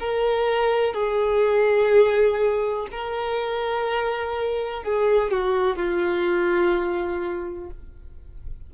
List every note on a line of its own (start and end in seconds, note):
0.00 0.94 A#4
0.94 2.88 G#4
2.92 4.83 A#4
4.83 5.31 G#4
5.31 5.76 F#4
5.76 7.70 F4